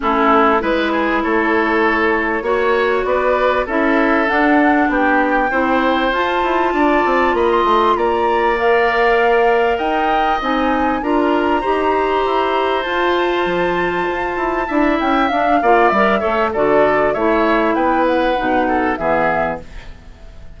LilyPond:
<<
  \new Staff \with { instrumentName = "flute" } { \time 4/4 \tempo 4 = 98 a'4 b'4 cis''2~ | cis''4 d''4 e''4 fis''4 | g''2 a''2 | b''16 c'''8. ais''4 f''2 |
g''4 gis''4 ais''2~ | ais''4 a''2.~ | a''8 g''8 f''4 e''4 d''4 | e''4 g''8 fis''4. e''4 | }
  \new Staff \with { instrumentName = "oboe" } { \time 4/4 e'4 b'8 gis'8 a'2 | cis''4 b'4 a'2 | g'4 c''2 d''4 | dis''4 d''2. |
dis''2 ais'4 c''4~ | c''1 | e''4. d''4 cis''8 a'4 | cis''4 b'4. a'8 gis'4 | }
  \new Staff \with { instrumentName = "clarinet" } { \time 4/4 cis'4 e'2. | fis'2 e'4 d'4~ | d'4 e'4 f'2~ | f'2 ais'2~ |
ais'4 dis'4 f'4 g'4~ | g'4 f'2. | e'4 d'8 f'8 ais'8 a'8 fis'4 | e'2 dis'4 b4 | }
  \new Staff \with { instrumentName = "bassoon" } { \time 4/4 a4 gis4 a2 | ais4 b4 cis'4 d'4 | b4 c'4 f'8 e'8 d'8 c'8 | ais8 a8 ais2. |
dis'4 c'4 d'4 dis'4 | e'4 f'4 f4 f'8 e'8 | d'8 cis'8 d'8 ais8 g8 a8 d4 | a4 b4 b,4 e4 | }
>>